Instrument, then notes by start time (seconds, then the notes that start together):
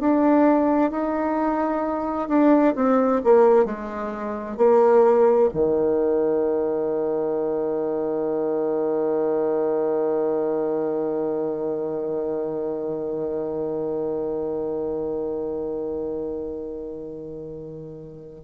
bassoon
0.00 D4
0.91 D#4
2.29 D4
2.76 C4
3.24 A#3
3.65 G#3
4.57 A#3
5.54 D#3